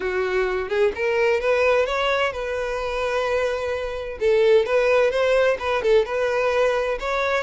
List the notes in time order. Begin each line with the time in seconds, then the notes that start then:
0.00 F#4
0.68 G#4
0.95 A#4
1.40 B4
1.85 C#5
2.32 B4
4.19 A4
4.65 B4
5.10 C5
5.59 B4
5.82 A4
6.05 B4
6.99 C#5